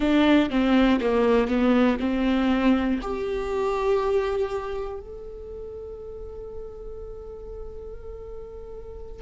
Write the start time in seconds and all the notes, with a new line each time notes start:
0.00 D4
0.50 C4
1.00 A#3
1.47 B3
2.00 C4
3.01 G4
5.00 A4